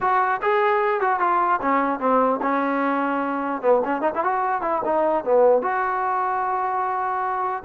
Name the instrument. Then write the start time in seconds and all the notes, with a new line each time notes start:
trombone
0.00 F#4
0.42 G#4
1.00 F#4
1.19 F4
1.61 C#4
1.99 C4
2.41 C#4
3.61 B3
3.85 C#4
4.01 D#4
4.14 E4
4.24 F#4
4.61 E4
4.84 D#4
5.24 B3
5.62 F#4